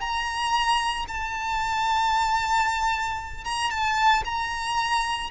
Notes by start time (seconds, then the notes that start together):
0.00 A#5
1.08 A5
3.44 A#5
3.71 A5
4.25 A#5